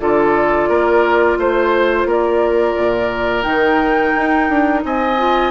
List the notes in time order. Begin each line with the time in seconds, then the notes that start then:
0.00 D3 F4 A4 D5
0.69 A#3 A#4
1.38 A3 C5
2.05 A#3 A#4 D5
2.77 A#2
3.43 D#3 D#4 G5
4.16 D#4
4.50 D4
4.84 C4 D#5 G#5
5.18 F4